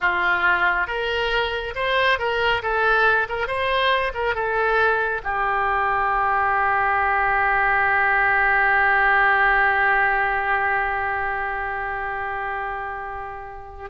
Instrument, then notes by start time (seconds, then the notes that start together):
oboe
0.00 F4
0.87 A#4
1.75 C5
2.18 A#4
2.62 A4
3.28 A#4
3.47 C5
4.13 A#4
4.34 A4
5.23 G4